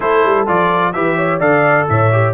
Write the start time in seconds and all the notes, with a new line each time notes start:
0.00 A3 E4 A4 C5
0.24 G3
0.46 F3 F4 D5
0.92 E3 G4 B4 E5
1.16 C#5
1.39 D3 A4 D5 F5
1.88 A2 C#5 E5
2.12 G4